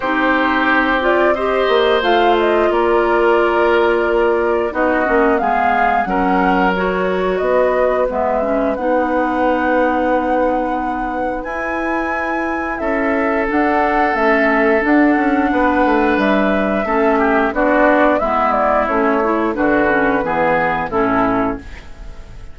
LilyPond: <<
  \new Staff \with { instrumentName = "flute" } { \time 4/4 \tempo 4 = 89 c''4. d''8 dis''4 f''8 dis''8 | d''2. dis''4 | f''4 fis''4 cis''4 dis''4 | e''4 fis''2.~ |
fis''4 gis''2 e''4 | fis''4 e''4 fis''2 | e''2 d''4 e''8 d''8 | cis''4 b'2 a'4 | }
  \new Staff \with { instrumentName = "oboe" } { \time 4/4 g'2 c''2 | ais'2. fis'4 | gis'4 ais'2 b'4~ | b'1~ |
b'2. a'4~ | a'2. b'4~ | b'4 a'8 g'8 fis'4 e'4~ | e'4 fis'4 gis'4 e'4 | }
  \new Staff \with { instrumentName = "clarinet" } { \time 4/4 dis'4. f'8 g'4 f'4~ | f'2. dis'8 cis'8 | b4 cis'4 fis'2 | b8 cis'8 dis'2.~ |
dis'4 e'2. | d'4 cis'4 d'2~ | d'4 cis'4 d'4 b4 | cis'8 e'8 d'8 cis'8 b4 cis'4 | }
  \new Staff \with { instrumentName = "bassoon" } { \time 4/4 c'2~ c'8 ais8 a4 | ais2. b8 ais8 | gis4 fis2 b4 | gis4 b2.~ |
b4 e'2 cis'4 | d'4 a4 d'8 cis'8 b8 a8 | g4 a4 b4 gis4 | a4 d4 e4 a,4 | }
>>